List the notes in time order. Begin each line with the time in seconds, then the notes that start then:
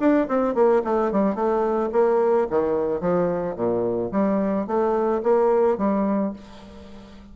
0.00 D4
0.28 C4
0.55 A#3
0.85 A3
1.12 G3
1.35 A3
1.93 A#3
2.50 D#3
3.01 F3
3.56 A#2
4.12 G3
4.67 A3
5.23 A#3
5.78 G3